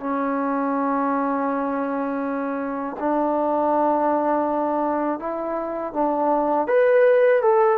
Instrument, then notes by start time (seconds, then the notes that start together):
trombone
0.00 C#4
2.99 D4
5.20 E4
5.93 D4
6.68 B4
7.42 A4